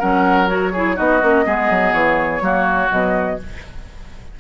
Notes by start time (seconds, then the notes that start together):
0.00 F#3 C#4 A#4 F#5
0.48 F#4 C#5
0.73 E4 G#4
0.96 B3 D#4 F#4 D#5
1.23 A#3 C#4
1.45 G#3 B3 G#4
1.71 F#3
1.93 E3 C#5
2.41 F#3 A#3 F#4
2.90 B2 F#3 D#5